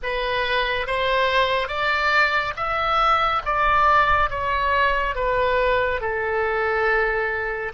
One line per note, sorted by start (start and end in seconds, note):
0.02 0.86 B4
0.86 1.68 C5
1.68 2.53 D5
2.56 3.42 E5
3.45 4.29 D5
4.29 5.15 C#5
5.15 6.00 B4
6.00 7.72 A4